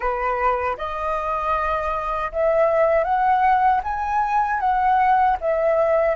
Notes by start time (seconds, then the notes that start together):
0.00 B4
0.77 D#5
2.31 E5
3.03 F#5
3.83 G#5
4.59 F#5
5.40 E5